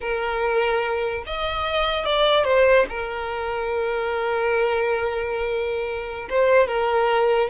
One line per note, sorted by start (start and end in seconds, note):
0.00 1.23 A#4
1.26 2.05 D#5
2.05 2.44 D5
2.44 2.85 C5
2.89 6.28 A#4
6.29 6.67 C5
6.67 7.49 A#4